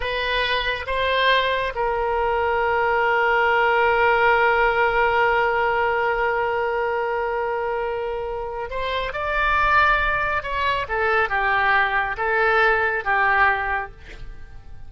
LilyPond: \new Staff \with { instrumentName = "oboe" } { \time 4/4 \tempo 4 = 138 b'2 c''2 | ais'1~ | ais'1~ | ais'1~ |
ais'1 | c''4 d''2. | cis''4 a'4 g'2 | a'2 g'2 | }